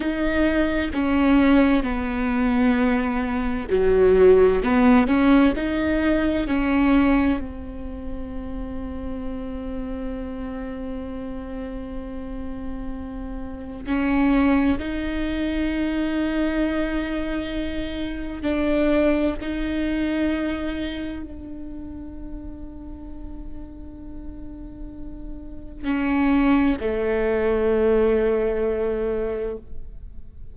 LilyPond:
\new Staff \with { instrumentName = "viola" } { \time 4/4 \tempo 4 = 65 dis'4 cis'4 b2 | fis4 b8 cis'8 dis'4 cis'4 | c'1~ | c'2. cis'4 |
dis'1 | d'4 dis'2 d'4~ | d'1 | cis'4 a2. | }